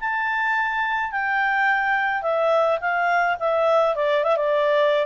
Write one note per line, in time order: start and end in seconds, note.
0.00 1.12 A5
1.12 2.22 G5
2.22 2.79 E5
2.80 3.37 F5
3.40 3.95 E5
3.95 4.24 D5
4.24 4.37 E5
4.37 5.06 D5